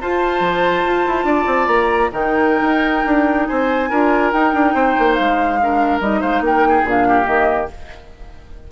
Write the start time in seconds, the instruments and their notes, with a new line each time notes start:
0.00 clarinet F4, bassoon F4, oboe C5, flute A5
0.40 bassoon F3
0.85 bassoon F4
1.06 bassoon E4
1.24 bassoon D4, oboe D5
1.46 bassoon C4
1.67 bassoon A#3, flute A#5
2.12 bassoon D#3, clarinet D#4, oboe A#4, flute G5
2.61 bassoon D#4
3.05 bassoon D4
3.46 bassoon C4, oboe C5, flute G#5
3.89 bassoon D4, clarinet F4, oboe A#4
4.32 bassoon D#4, clarinet D#4, flute G5
4.53 bassoon D4
4.74 bassoon C4, oboe C5
4.99 bassoon A#3
5.14 bassoon G#3, flute F5
5.60 clarinet D4, oboe A#4
6.00 bassoon G3, clarinet D#4, flute D#5
6.20 bassoon G#3, oboe C5, flute F5
6.40 bassoon A#3, flute G5
6.46 oboe A#4
6.68 oboe G#4
6.85 bassoon A#2, clarinet D4, flute F5
7.08 oboe G4
7.23 bassoon D#3, clarinet A#3, flute D#5